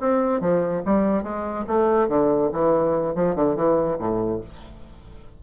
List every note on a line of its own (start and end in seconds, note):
0.00 0.40 C4
0.40 0.82 F3
0.85 1.23 G3
1.23 1.65 G#3
1.67 2.08 A3
2.08 2.50 D3
2.52 3.15 E3
3.15 3.35 F3
3.35 3.55 D3
3.55 3.97 E3
3.99 4.41 A2